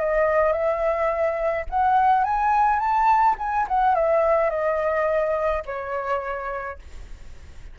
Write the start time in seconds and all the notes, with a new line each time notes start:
0.00 D#5
0.52 E5
1.70 F#5
2.24 G#5
2.79 A5
3.39 G#5
3.68 F#5
3.95 E5
4.50 D#5
5.66 C#5